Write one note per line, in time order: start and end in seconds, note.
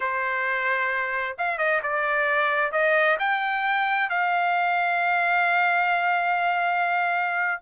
0.00 1.36 C5
1.38 1.58 F5
1.58 1.80 D#5
1.82 2.71 D5
2.71 3.17 D#5
3.19 4.09 G5
4.09 7.61 F5